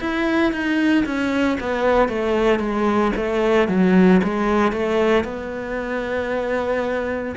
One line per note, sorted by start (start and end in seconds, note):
0.00 0.52 E4
0.52 1.05 D#4
1.05 1.58 C#4
1.60 2.09 B3
2.09 2.59 A3
2.59 3.12 G#3
3.16 3.68 A3
3.68 4.21 F#3
4.23 4.72 G#3
4.72 5.24 A3
5.24 7.35 B3